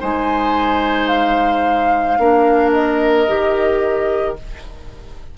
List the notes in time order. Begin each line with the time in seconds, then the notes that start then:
0.00 G#3 D#4 C5 G#5
1.08 F5
2.18 A#3 D4 A#4
2.72 D#5
3.27 D#3 G4